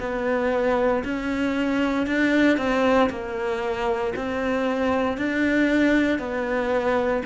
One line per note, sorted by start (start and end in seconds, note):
0.00 1.03 B3
1.04 2.07 C#4
2.07 2.58 D4
2.58 3.09 C4
3.10 4.14 A#3
4.16 5.17 C4
5.17 6.19 D4
6.19 7.23 B3